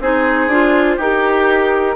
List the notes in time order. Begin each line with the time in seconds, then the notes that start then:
0.00 C4 D#4 G#4 C5
0.47 D4 F4
0.96 D#4 G4 A#4